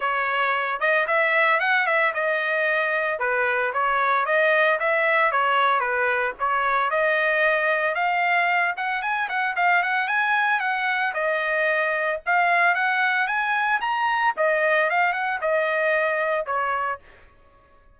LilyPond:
\new Staff \with { instrumentName = "trumpet" } { \time 4/4 \tempo 4 = 113 cis''4. dis''8 e''4 fis''8 e''8 | dis''2 b'4 cis''4 | dis''4 e''4 cis''4 b'4 | cis''4 dis''2 f''4~ |
f''8 fis''8 gis''8 fis''8 f''8 fis''8 gis''4 | fis''4 dis''2 f''4 | fis''4 gis''4 ais''4 dis''4 | f''8 fis''8 dis''2 cis''4 | }